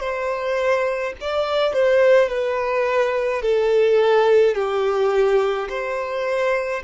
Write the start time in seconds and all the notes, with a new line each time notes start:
0.00 C5
1.20 D5
1.73 C5
2.28 B4
3.42 A4
4.54 G4
5.69 C5